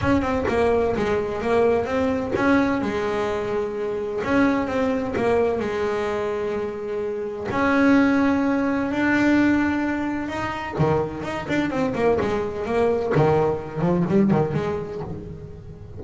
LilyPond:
\new Staff \with { instrumentName = "double bass" } { \time 4/4 \tempo 4 = 128 cis'8 c'8 ais4 gis4 ais4 | c'4 cis'4 gis2~ | gis4 cis'4 c'4 ais4 | gis1 |
cis'2. d'4~ | d'2 dis'4 dis4 | dis'8 d'8 c'8 ais8 gis4 ais4 | dis4. f8 g8 dis8 gis4 | }